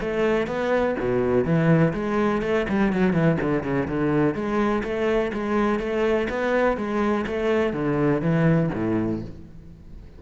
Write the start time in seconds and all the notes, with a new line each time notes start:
0.00 A3
0.47 B3
0.99 B2
1.44 E3
1.93 G#3
2.41 A3
2.69 G3
2.92 F#3
3.13 E3
3.40 D3
3.63 C#3
3.88 D3
4.34 G#3
4.83 A3
5.32 G#3
5.79 A3
6.29 B3
6.77 G#3
7.26 A3
7.73 D3
8.21 E3
8.73 A2